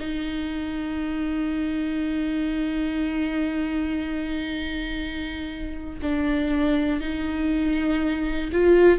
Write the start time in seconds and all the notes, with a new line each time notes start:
0.00 D#4
6.03 D4
7.01 D#4
8.53 F4